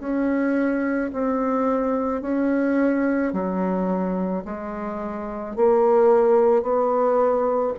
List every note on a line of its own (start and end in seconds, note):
0.00 1.11 C#4
1.13 2.22 C4
2.22 3.33 C#4
3.33 4.44 F#3
4.45 5.56 G#3
5.56 6.63 A#3
6.63 7.74 B3